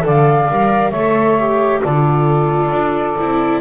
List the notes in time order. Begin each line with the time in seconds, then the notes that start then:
0.00 D3 A4 D5
0.08 F5
0.49 G3 A#4
0.90 A3 A4 C#5 E5
1.39 G4
1.82 D3 F4 A4 D5
2.71 D4
3.19 C4 E4